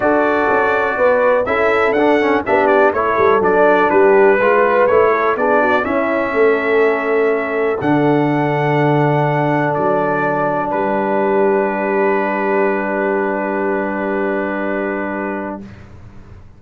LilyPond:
<<
  \new Staff \with { instrumentName = "trumpet" } { \time 4/4 \tempo 4 = 123 d''2. e''4 | fis''4 e''8 d''8 cis''4 d''4 | b'2 cis''4 d''4 | e''1 |
fis''1 | d''2 b'2~ | b'1~ | b'1 | }
  \new Staff \with { instrumentName = "horn" } { \time 4/4 a'2 b'4 a'4~ | a'4 g'4 a'2 | g'4 b'4. a'8 gis'8 fis'8 | e'4 a'2.~ |
a'1~ | a'2 g'2~ | g'1~ | g'1 | }
  \new Staff \with { instrumentName = "trombone" } { \time 4/4 fis'2. e'4 | d'8 cis'8 d'4 e'4 d'4~ | d'4 f'4 e'4 d'4 | cis'1 |
d'1~ | d'1~ | d'1~ | d'1 | }
  \new Staff \with { instrumentName = "tuba" } { \time 4/4 d'4 cis'4 b4 cis'4 | d'4 b4 a8 g8 fis4 | g4 gis4 a4 b4 | cis'4 a2. |
d1 | fis2 g2~ | g1~ | g1 | }
>>